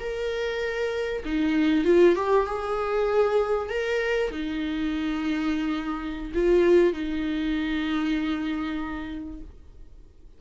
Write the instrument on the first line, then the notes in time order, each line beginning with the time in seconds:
viola
0.00 A#4
1.25 D#4
1.85 F4
2.15 G4
2.46 G#4
3.70 A#4
4.31 D#4
6.34 F4
6.93 D#4